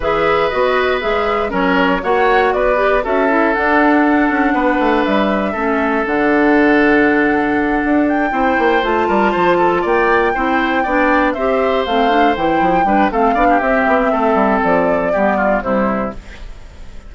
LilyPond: <<
  \new Staff \with { instrumentName = "flute" } { \time 4/4 \tempo 4 = 119 e''4 dis''4 e''4 cis''4 | fis''4 d''4 e''4 fis''4~ | fis''2 e''2 | fis''1 |
g''4. a''2 g''8~ | g''2~ g''8 e''4 f''8~ | f''8 g''4. f''4 e''4~ | e''4 d''2 c''4 | }
  \new Staff \with { instrumentName = "oboe" } { \time 4/4 b'2. ais'4 | cis''4 b'4 a'2~ | a'4 b'2 a'4~ | a'1~ |
a'8 c''4. ais'8 c''8 a'8 d''8~ | d''8 c''4 d''4 c''4.~ | c''4. b'8 a'8 d''16 g'4~ g'16 | a'2 g'8 f'8 e'4 | }
  \new Staff \with { instrumentName = "clarinet" } { \time 4/4 gis'4 fis'4 gis'4 cis'4 | fis'4. g'8 fis'8 e'8 d'4~ | d'2. cis'4 | d'1~ |
d'8 e'4 f'2~ f'8~ | f'8 e'4 d'4 g'4 c'8 | d'8 e'4 d'8 c'8 d'8 c'4~ | c'2 b4 g4 | }
  \new Staff \with { instrumentName = "bassoon" } { \time 4/4 e4 b4 gis4 fis4 | ais4 b4 cis'4 d'4~ | d'8 cis'8 b8 a8 g4 a4 | d2.~ d8 d'8~ |
d'8 c'8 ais8 a8 g8 f4 ais8~ | ais8 c'4 b4 c'4 a8~ | a8 e8 f8 g8 a8 b8 c'8 b8 | a8 g8 f4 g4 c4 | }
>>